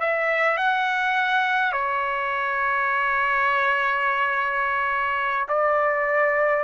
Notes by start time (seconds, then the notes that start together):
0.00 E5
0.58 F#5
1.73 C#5
5.49 D5